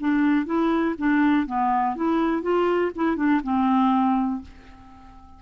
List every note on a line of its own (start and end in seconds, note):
0.00 0.46 D4
0.46 0.95 E4
0.98 1.47 D4
1.47 1.96 B3
1.96 2.42 E4
2.42 2.92 F4
2.95 3.16 E4
3.16 3.41 D4
3.44 4.42 C4